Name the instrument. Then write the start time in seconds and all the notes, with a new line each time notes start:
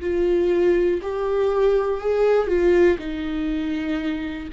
viola
0.00 F4
1.02 G4
2.00 G#4
2.47 F4
2.98 D#4